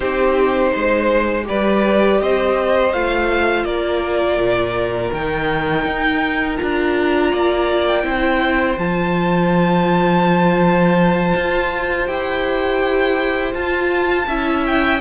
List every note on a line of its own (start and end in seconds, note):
0.00 0.73 C4
0.00 1.43 D#4
0.00 0.72 G4
0.00 1.45 C5
0.72 1.48 G#3
0.72 1.45 C5
1.43 2.89 G4
1.43 2.21 B4
1.43 2.21 D5
1.50 2.21 G3
2.21 2.93 C4
2.21 3.66 C5
2.21 2.92 D#5
2.92 3.64 A3
2.92 5.13 F4
2.92 3.64 F5
3.64 4.37 A#3
3.64 7.31 A#4
3.64 5.11 D5
4.37 5.10 A#2
5.12 5.85 D#3
5.12 6.57 D#4
5.12 6.56 G5
5.85 6.59 D#4
6.56 7.33 D4
6.56 8.03 F4
6.56 7.84 A#5
7.31 8.03 A#3
7.31 8.04 D5
7.87 8.78 G5
8.03 8.77 C4
8.03 8.76 E4
8.03 14.27 C5
8.77 11.33 F3
8.77 12.07 F4
8.77 12.07 A5
11.36 12.07 F4
12.07 13.54 E4
12.07 13.53 G4
12.07 13.53 G5
13.53 14.26 F4
13.53 14.27 F4
13.53 14.63 A5
14.27 15.00 C#4
14.27 15.00 E4
14.27 15.00 E5
14.66 15.00 G5